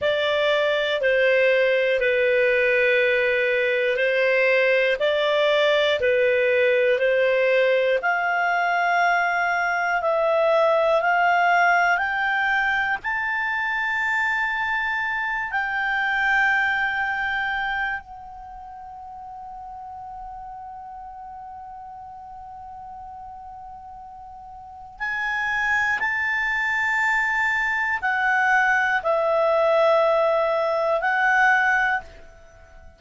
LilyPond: \new Staff \with { instrumentName = "clarinet" } { \time 4/4 \tempo 4 = 60 d''4 c''4 b'2 | c''4 d''4 b'4 c''4 | f''2 e''4 f''4 | g''4 a''2~ a''8 g''8~ |
g''2 fis''2~ | fis''1~ | fis''4 gis''4 a''2 | fis''4 e''2 fis''4 | }